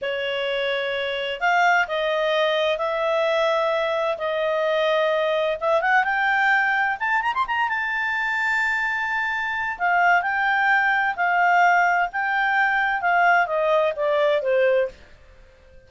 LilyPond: \new Staff \with { instrumentName = "clarinet" } { \time 4/4 \tempo 4 = 129 cis''2. f''4 | dis''2 e''2~ | e''4 dis''2. | e''8 fis''8 g''2 a''8 ais''16 c'''16 |
ais''8 a''2.~ a''8~ | a''4 f''4 g''2 | f''2 g''2 | f''4 dis''4 d''4 c''4 | }